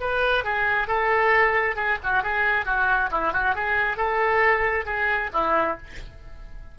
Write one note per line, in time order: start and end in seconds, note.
0.00 0.44 B4
0.44 0.87 G#4
0.87 1.76 A4
1.76 1.98 G#4
2.03 2.23 F#4
2.23 2.65 G#4
2.65 3.10 F#4
3.11 3.33 E4
3.33 3.55 F#4
3.55 3.97 G#4
3.97 4.85 A4
4.85 5.30 G#4
5.33 5.78 E4